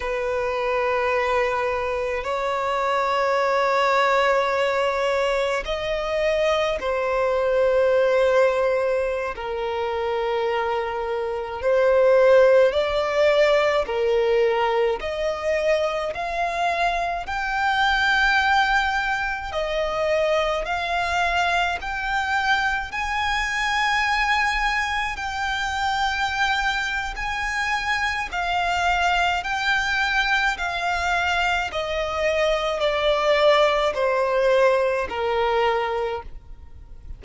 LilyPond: \new Staff \with { instrumentName = "violin" } { \time 4/4 \tempo 4 = 53 b'2 cis''2~ | cis''4 dis''4 c''2~ | c''16 ais'2 c''4 d''8.~ | d''16 ais'4 dis''4 f''4 g''8.~ |
g''4~ g''16 dis''4 f''4 g''8.~ | g''16 gis''2 g''4.~ g''16 | gis''4 f''4 g''4 f''4 | dis''4 d''4 c''4 ais'4 | }